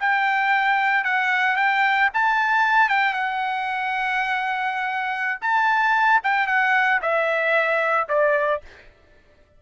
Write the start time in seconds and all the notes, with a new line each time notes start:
0.00 G5
1.05 F#5
1.57 G5
2.14 A5
2.89 G5
3.14 F#5
5.42 A5
6.24 G5
6.47 F#5
7.02 E5
8.09 D5